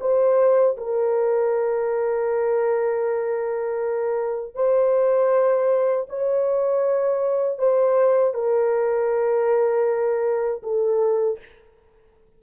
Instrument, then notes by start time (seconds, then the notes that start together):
horn
0.00 C5
0.77 A#4
4.55 C5
6.09 C#5
7.58 C5
8.34 A#4
10.63 A4